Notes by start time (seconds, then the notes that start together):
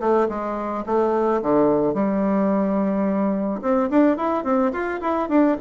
0.00 A3
0.29 G#3
0.86 A3
1.42 D3
1.94 G3
3.62 C4
3.90 D4
4.17 E4
4.44 C4
4.73 F4
5.01 E4
5.29 D4